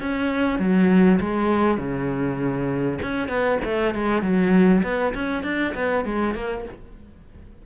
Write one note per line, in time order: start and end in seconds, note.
0.00 0.59 C#4
0.59 1.20 F#3
1.20 1.78 G#3
1.78 2.99 C#3
3.02 3.29 C#4
3.29 3.59 B3
3.64 3.95 A3
3.95 4.22 G#3
4.22 4.83 F#3
4.83 5.14 B3
5.14 5.44 C#4
5.44 5.74 D4
5.75 6.05 B3
6.05 6.35 G#3
6.35 6.65 A#3